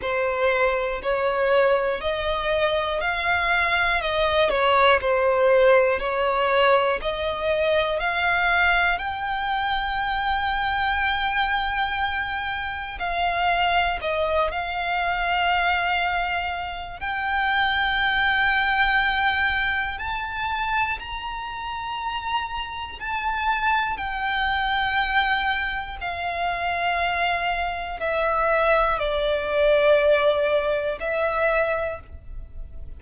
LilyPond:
\new Staff \with { instrumentName = "violin" } { \time 4/4 \tempo 4 = 60 c''4 cis''4 dis''4 f''4 | dis''8 cis''8 c''4 cis''4 dis''4 | f''4 g''2.~ | g''4 f''4 dis''8 f''4.~ |
f''4 g''2. | a''4 ais''2 a''4 | g''2 f''2 | e''4 d''2 e''4 | }